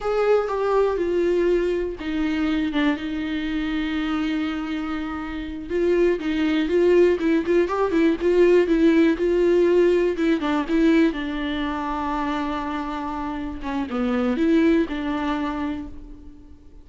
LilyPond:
\new Staff \with { instrumentName = "viola" } { \time 4/4 \tempo 4 = 121 gis'4 g'4 f'2 | dis'4. d'8 dis'2~ | dis'2.~ dis'8 f'8~ | f'8 dis'4 f'4 e'8 f'8 g'8 |
e'8 f'4 e'4 f'4.~ | f'8 e'8 d'8 e'4 d'4.~ | d'2.~ d'8 cis'8 | b4 e'4 d'2 | }